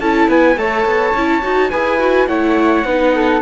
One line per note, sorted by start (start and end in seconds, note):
0.00 0.28 C#4
0.00 0.58 E4
0.00 0.29 A4
0.00 0.29 A5
0.28 0.56 B3
0.28 0.57 B4
0.28 0.58 G#5
0.57 0.85 A3
0.57 1.15 A4
0.57 1.71 C#5
0.57 1.70 A5
0.85 1.14 B3
1.14 1.43 C#4
1.14 1.42 E4
1.42 1.73 D#4
1.42 1.71 F#4
1.70 2.27 E4
1.70 1.99 G#4
1.70 2.28 B4
1.70 2.27 G#5
1.99 2.28 F#4
2.27 2.84 A3
2.27 2.85 E4
2.27 2.85 C#5
2.27 3.42 F#5
2.84 3.42 B3
2.84 3.42 D#4
2.84 3.14 B4
3.15 3.42 A4